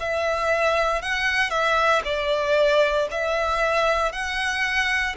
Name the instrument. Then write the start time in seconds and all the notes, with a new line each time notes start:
violin
0.00 E5
1.02 F#5
1.50 E5
2.05 D5
3.11 E5
4.12 F#5